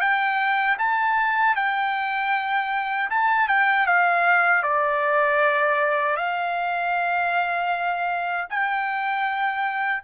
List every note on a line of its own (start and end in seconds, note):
0.00 0.77 G5
0.78 1.55 A5
1.55 3.09 G5
3.09 3.48 A5
3.48 3.86 G5
3.86 4.63 F5
4.63 6.16 D5
6.16 8.47 F5
8.49 10.03 G5